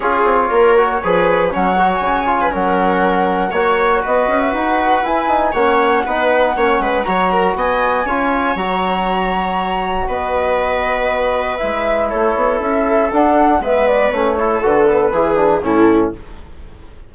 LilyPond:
<<
  \new Staff \with { instrumentName = "flute" } { \time 4/4 \tempo 4 = 119 cis''2. fis''8. gis''16~ | gis''4 fis''2 cis''4 | dis''8. e''16 fis''4 gis''4 fis''4~ | fis''2 ais''4 gis''4~ |
gis''4 ais''2. | dis''2. e''4 | cis''4 e''4 fis''4 e''8 d''8 | cis''4 b'2 a'4 | }
  \new Staff \with { instrumentName = "viola" } { \time 4/4 gis'4 ais'4 b'4 cis''4~ | cis''8. b'16 ais'2 cis''4 | b'2. cis''4 | b'4 cis''8 b'8 cis''8 ais'8 dis''4 |
cis''1 | b'1 | a'2. b'4~ | b'8 a'4. gis'4 e'4 | }
  \new Staff \with { instrumentName = "trombone" } { \time 4/4 f'4. fis'8 gis'4 cis'8 fis'8~ | fis'8 f'8 cis'2 fis'4~ | fis'2 e'8 dis'8 cis'4 | dis'4 cis'4 fis'2 |
f'4 fis'2.~ | fis'2. e'4~ | e'2 d'4 b4 | cis'8 e'8 fis'8 b8 e'8 d'8 cis'4 | }
  \new Staff \with { instrumentName = "bassoon" } { \time 4/4 cis'8 c'8 ais4 f4 fis4 | cis4 fis2 ais4 | b8 cis'8 dis'4 e'4 ais4 | b4 ais8 gis8 fis4 b4 |
cis'4 fis2. | b2. gis4 | a8 b8 cis'4 d'4 gis4 | a4 d4 e4 a,4 | }
>>